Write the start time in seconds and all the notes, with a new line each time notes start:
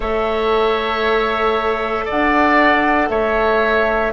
0.00 A3 A4 C#5 E5
2.05 D5 F#5
2.11 D4
3.09 A3 C#5 E5